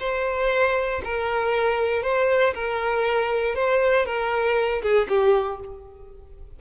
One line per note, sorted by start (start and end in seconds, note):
0.00 1.02 C5
1.04 2.03 A#4
2.03 2.54 C5
2.54 3.55 A#4
3.55 4.06 C5
4.06 4.82 A#4
4.82 5.08 G#4
5.09 5.60 G4